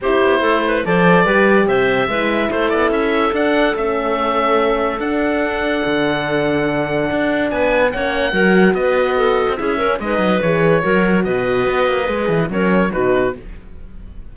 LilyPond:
<<
  \new Staff \with { instrumentName = "oboe" } { \time 4/4 \tempo 4 = 144 c''2 d''2 | e''2 c''8 d''8 e''4 | fis''4 e''2. | fis''1~ |
fis''2 gis''4 fis''4~ | fis''4 dis''2 e''4 | dis''4 cis''2 dis''4~ | dis''2 cis''4 b'4 | }
  \new Staff \with { instrumentName = "clarinet" } { \time 4/4 g'4 a'8 b'8 c''4 b'4 | c''4 b'4 a'2~ | a'1~ | a'1~ |
a'2 b'4 cis''4 | ais'4 b'4 a'4 gis'8 ais'8 | b'2 ais'4 b'4~ | b'2 ais'4 fis'4 | }
  \new Staff \with { instrumentName = "horn" } { \time 4/4 e'2 a'4 g'4~ | g'4 e'2. | d'4 cis'2. | d'1~ |
d'2. cis'4 | fis'2. e'8 cis'8 | dis'4 gis'4 fis'2~ | fis'4 gis'4 cis'4 dis'4 | }
  \new Staff \with { instrumentName = "cello" } { \time 4/4 c'8 b8 a4 f4 g4 | c4 gis4 a8 b8 cis'4 | d'4 a2. | d'2 d2~ |
d4 d'4 b4 ais4 | fis4 b4.~ b16 c'16 cis'4 | gis8 fis8 e4 fis4 b,4 | b8 ais8 gis8 e8 fis4 b,4 | }
>>